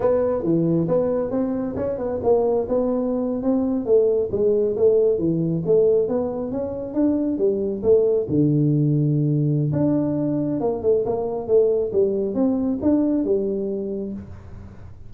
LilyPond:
\new Staff \with { instrumentName = "tuba" } { \time 4/4 \tempo 4 = 136 b4 e4 b4 c'4 | cis'8 b8 ais4 b4.~ b16 c'16~ | c'8. a4 gis4 a4 e16~ | e8. a4 b4 cis'4 d'16~ |
d'8. g4 a4 d4~ d16~ | d2 d'2 | ais8 a8 ais4 a4 g4 | c'4 d'4 g2 | }